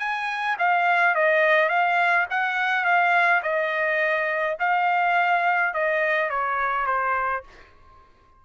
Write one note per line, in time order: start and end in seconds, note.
0.00 0.57 G#5
0.59 1.15 F5
1.15 1.70 D#5
1.70 2.27 F5
2.31 2.85 F#5
2.85 3.42 F5
3.43 4.57 D#5
4.60 5.74 F5
5.74 6.30 D#5
6.30 6.87 C#5
6.87 7.44 C5